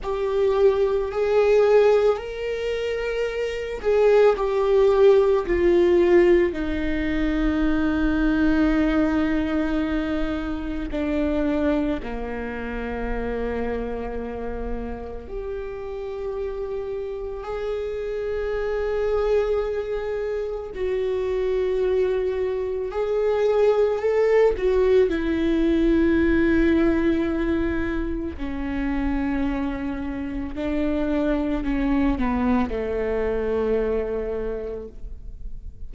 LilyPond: \new Staff \with { instrumentName = "viola" } { \time 4/4 \tempo 4 = 55 g'4 gis'4 ais'4. gis'8 | g'4 f'4 dis'2~ | dis'2 d'4 ais4~ | ais2 g'2 |
gis'2. fis'4~ | fis'4 gis'4 a'8 fis'8 e'4~ | e'2 cis'2 | d'4 cis'8 b8 a2 | }